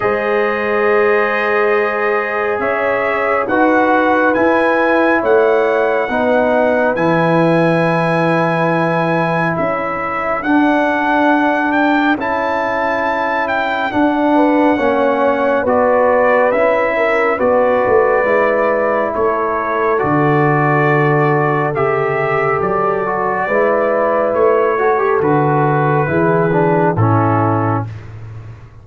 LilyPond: <<
  \new Staff \with { instrumentName = "trumpet" } { \time 4/4 \tempo 4 = 69 dis''2. e''4 | fis''4 gis''4 fis''2 | gis''2. e''4 | fis''4. g''8 a''4. g''8 |
fis''2 d''4 e''4 | d''2 cis''4 d''4~ | d''4 e''4 d''2 | cis''4 b'2 a'4 | }
  \new Staff \with { instrumentName = "horn" } { \time 4/4 c''2. cis''4 | b'2 cis''4 b'4~ | b'2. a'4~ | a'1~ |
a'8 b'8 cis''4 b'4. ais'8 | b'2 a'2~ | a'2. b'4~ | b'8 a'4. gis'4 e'4 | }
  \new Staff \with { instrumentName = "trombone" } { \time 4/4 gis'1 | fis'4 e'2 dis'4 | e'1 | d'2 e'2 |
d'4 cis'4 fis'4 e'4 | fis'4 e'2 fis'4~ | fis'4 g'4. fis'8 e'4~ | e'8 fis'16 g'16 fis'4 e'8 d'8 cis'4 | }
  \new Staff \with { instrumentName = "tuba" } { \time 4/4 gis2. cis'4 | dis'4 e'4 a4 b4 | e2. cis'4 | d'2 cis'2 |
d'4 ais4 b4 cis'4 | b8 a8 gis4 a4 d4~ | d4 cis4 fis4 gis4 | a4 d4 e4 a,4 | }
>>